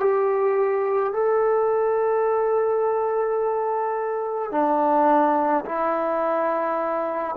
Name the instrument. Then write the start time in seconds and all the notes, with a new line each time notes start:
trombone
0.00 G4
1.13 A4
4.52 D4
5.66 E4